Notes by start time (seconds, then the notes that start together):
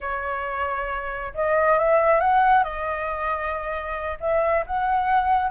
0.00 C#5
1.34 D#5
1.78 E5
2.20 F#5
2.63 D#5
4.20 E5
4.66 F#5